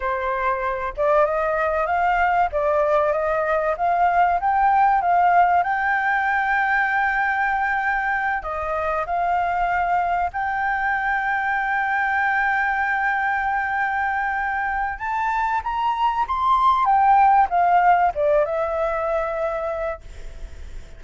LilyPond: \new Staff \with { instrumentName = "flute" } { \time 4/4 \tempo 4 = 96 c''4. d''8 dis''4 f''4 | d''4 dis''4 f''4 g''4 | f''4 g''2.~ | g''4. dis''4 f''4.~ |
f''8 g''2.~ g''8~ | g''1 | a''4 ais''4 c'''4 g''4 | f''4 d''8 e''2~ e''8 | }